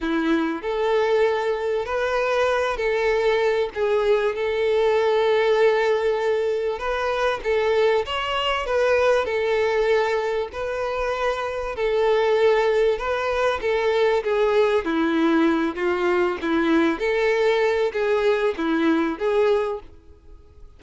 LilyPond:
\new Staff \with { instrumentName = "violin" } { \time 4/4 \tempo 4 = 97 e'4 a'2 b'4~ | b'8 a'4. gis'4 a'4~ | a'2. b'4 | a'4 cis''4 b'4 a'4~ |
a'4 b'2 a'4~ | a'4 b'4 a'4 gis'4 | e'4. f'4 e'4 a'8~ | a'4 gis'4 e'4 gis'4 | }